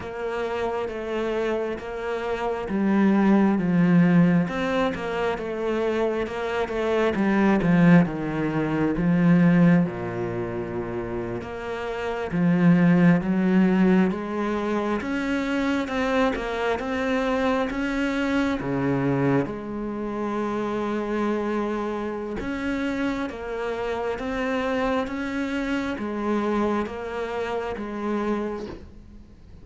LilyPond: \new Staff \with { instrumentName = "cello" } { \time 4/4 \tempo 4 = 67 ais4 a4 ais4 g4 | f4 c'8 ais8 a4 ais8 a8 | g8 f8 dis4 f4 ais,4~ | ais,8. ais4 f4 fis4 gis16~ |
gis8. cis'4 c'8 ais8 c'4 cis'16~ | cis'8. cis4 gis2~ gis16~ | gis4 cis'4 ais4 c'4 | cis'4 gis4 ais4 gis4 | }